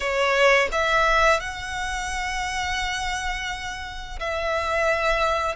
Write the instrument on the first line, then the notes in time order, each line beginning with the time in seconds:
violin
0.00 C#5
0.72 E5
1.40 F#5
4.19 E5